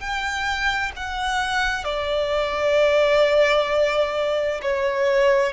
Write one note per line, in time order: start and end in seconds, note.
0.00 0.92 G5
0.97 1.84 F#5
1.84 4.61 D5
4.62 5.53 C#5